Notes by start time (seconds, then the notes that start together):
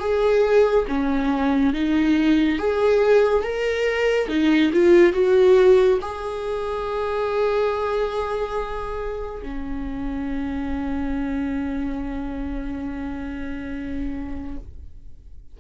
0.00 G#4
0.88 C#4
1.74 D#4
2.59 G#4
3.44 A#4
4.29 D#4
4.73 F4
5.14 F#4
6.02 G#4
9.43 C#4